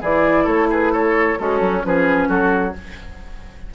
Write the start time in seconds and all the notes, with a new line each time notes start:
0.00 E3 E4 G#4 D5
0.44 A3 A4 C#5
0.70 G#4 B4
0.92 A4 C#5
1.38 G#3 C#4 F#4 A4
1.60 F#3
1.82 F3 C#4 G#4 B4
2.28 F#3 F#4 A4